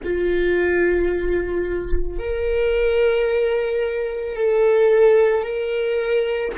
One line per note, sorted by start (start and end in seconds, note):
0.03 2.18 F4
2.18 4.36 A#4
4.36 5.42 A4
5.42 6.52 A#4